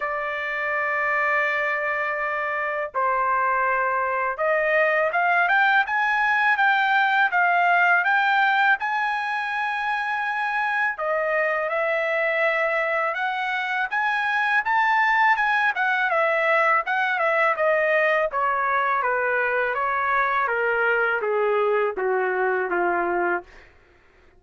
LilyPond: \new Staff \with { instrumentName = "trumpet" } { \time 4/4 \tempo 4 = 82 d''1 | c''2 dis''4 f''8 g''8 | gis''4 g''4 f''4 g''4 | gis''2. dis''4 |
e''2 fis''4 gis''4 | a''4 gis''8 fis''8 e''4 fis''8 e''8 | dis''4 cis''4 b'4 cis''4 | ais'4 gis'4 fis'4 f'4 | }